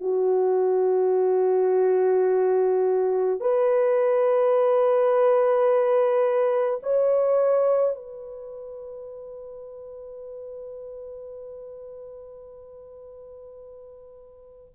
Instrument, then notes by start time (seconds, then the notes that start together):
horn
0.00 F#4
3.40 B4
6.82 C#5
7.95 B4